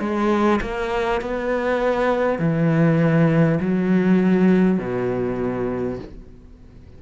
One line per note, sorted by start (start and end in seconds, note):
0.00 0.60 G#3
0.61 1.21 A#3
1.21 2.38 B3
2.38 3.58 E3
3.60 4.78 F#3
4.78 5.98 B2